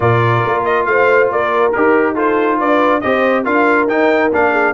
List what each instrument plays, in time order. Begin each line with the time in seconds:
0.00 tuba A#2, trombone F4, horn A#4, trumpet D5
0.45 tuba A#3
0.64 trumpet D#5
0.85 tuba A3, horn C5, trumpet F5
1.29 tuba A#3, horn A#4, trumpet D5
1.72 tuba D#4, trombone G4, trumpet A#4
2.14 trombone F4, horn A4, trumpet C5
2.58 tuba D4, horn B4, trumpet D5
3.01 tuba C4, trombone G4, horn C5, trumpet D#5
3.43 tuba D4, trombone F4, horn A#4, trumpet F5
3.87 tuba D#4, trombone D#4, trumpet G5
4.32 tuba A#3, trombone D4, trumpet F5
4.51 horn G#4